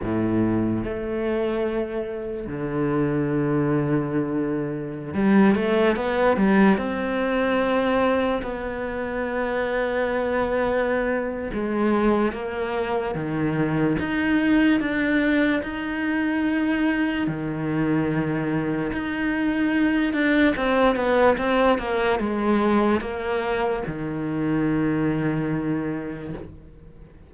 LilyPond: \new Staff \with { instrumentName = "cello" } { \time 4/4 \tempo 4 = 73 a,4 a2 d4~ | d2~ d16 g8 a8 b8 g16~ | g16 c'2 b4.~ b16~ | b2 gis4 ais4 |
dis4 dis'4 d'4 dis'4~ | dis'4 dis2 dis'4~ | dis'8 d'8 c'8 b8 c'8 ais8 gis4 | ais4 dis2. | }